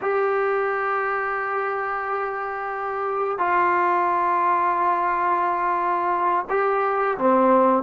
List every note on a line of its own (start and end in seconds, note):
0.01 3.38 G4
3.38 6.45 F4
6.49 7.17 G4
7.17 7.82 C4